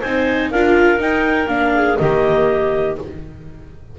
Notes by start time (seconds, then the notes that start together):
0.00 C4 D#4 C5 G#5
0.51 D4 F4 A#4 F5
0.98 D#4 G5
1.48 A#3 D4 F5
1.75 G#4
1.97 D#3 A#3 G4 D#5